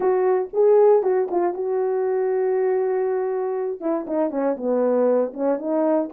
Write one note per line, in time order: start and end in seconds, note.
0.00 0.48 F#4
0.53 1.02 G#4
1.02 1.28 F#4
1.30 1.53 F4
1.53 3.80 F#4
3.80 4.06 E4
4.07 4.30 D#4
4.30 4.55 C#4
4.56 5.33 B3
5.33 5.58 C#4
5.58 6.09 D#4